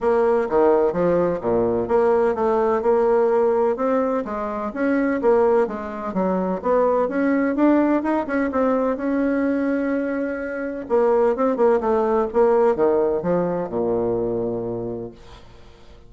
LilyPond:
\new Staff \with { instrumentName = "bassoon" } { \time 4/4 \tempo 4 = 127 ais4 dis4 f4 ais,4 | ais4 a4 ais2 | c'4 gis4 cis'4 ais4 | gis4 fis4 b4 cis'4 |
d'4 dis'8 cis'8 c'4 cis'4~ | cis'2. ais4 | c'8 ais8 a4 ais4 dis4 | f4 ais,2. | }